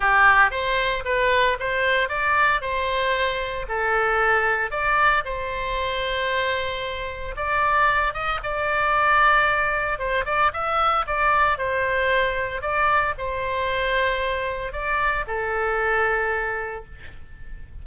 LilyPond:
\new Staff \with { instrumentName = "oboe" } { \time 4/4 \tempo 4 = 114 g'4 c''4 b'4 c''4 | d''4 c''2 a'4~ | a'4 d''4 c''2~ | c''2 d''4. dis''8 |
d''2. c''8 d''8 | e''4 d''4 c''2 | d''4 c''2. | d''4 a'2. | }